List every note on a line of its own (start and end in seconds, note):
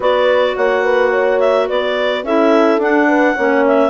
0.00 0.55 B3
0.00 2.24 F#4
0.00 0.53 B4
0.00 0.56 D5
0.55 1.69 A#3
0.55 0.84 C#5
0.55 1.39 F#5
0.84 1.10 B4
1.10 1.66 C#5
1.39 1.68 E5
1.66 2.23 B3
1.66 2.23 B4
1.66 2.24 D5
2.23 2.77 C#4
2.23 2.79 E4
2.23 3.08 A4
2.23 2.81 E5
2.77 3.34 D4
2.77 3.36 D4
2.77 3.65 F#5
3.08 3.34 B4
3.34 3.90 A#3
3.34 3.90 C#4
3.34 3.90 C#5
3.66 3.90 E5